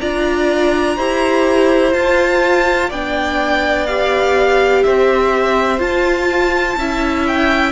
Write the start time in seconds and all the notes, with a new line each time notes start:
0.00 D4 F4 D5 A#5
0.96 E4 G4 C5
1.92 F4 A5
2.89 B3 D4 D5 G5
3.86 G4 F5
4.83 C4 C5 E5
5.79 F4 A5
6.77 C#4 E4 E5
7.27 G5